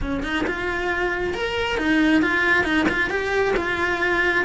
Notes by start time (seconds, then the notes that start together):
0.01 C#4
0.23 D#4
0.46 F4
1.33 A#4
1.77 D#4
2.21 F4
2.64 D#4
2.88 F4
3.09 G4
3.56 F4